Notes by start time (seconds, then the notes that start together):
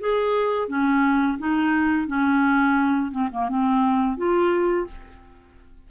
0.00 G#4
0.68 C#4
1.38 D#4
2.07 C#4
3.11 C4
3.32 A#3
3.49 C4
4.17 F4